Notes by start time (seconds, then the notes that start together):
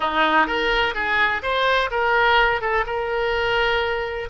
0.00 D#4
0.46 A#4
0.94 G#4
1.42 C5
1.90 A#4
2.61 A4
2.86 A#4